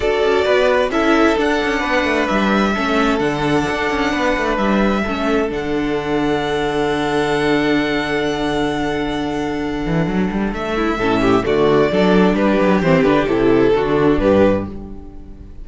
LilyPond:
<<
  \new Staff \with { instrumentName = "violin" } { \time 4/4 \tempo 4 = 131 d''2 e''4 fis''4~ | fis''4 e''2 fis''4~ | fis''2 e''2 | fis''1~ |
fis''1~ | fis''2. e''4~ | e''4 d''2 b'4 | c''8 b'8 a'2 b'4 | }
  \new Staff \with { instrumentName = "violin" } { \time 4/4 a'4 b'4 a'2 | b'2 a'2~ | a'4 b'2 a'4~ | a'1~ |
a'1~ | a'2.~ a'8 e'8 | a'8 g'8 fis'4 a'4 g'4~ | g'2 fis'4 g'4 | }
  \new Staff \with { instrumentName = "viola" } { \time 4/4 fis'2 e'4 d'4~ | d'2 cis'4 d'4~ | d'2. cis'4 | d'1~ |
d'1~ | d'1 | cis'4 a4 d'2 | c'8 d'8 e'4 d'2 | }
  \new Staff \with { instrumentName = "cello" } { \time 4/4 d'8 cis'8 b4 cis'4 d'8 cis'8 | b8 a8 g4 a4 d4 | d'8 cis'8 b8 a8 g4 a4 | d1~ |
d1~ | d4. e8 fis8 g8 a4 | a,4 d4 fis4 g8 fis8 | e8 d8 c4 d4 g,4 | }
>>